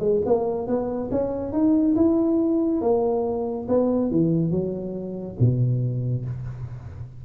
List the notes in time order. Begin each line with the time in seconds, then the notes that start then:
0.00 G#3
0.26 A#3
0.68 B3
1.11 C#4
1.53 D#4
1.96 E4
2.82 A#3
3.69 B3
4.11 E3
4.51 F#3
5.40 B2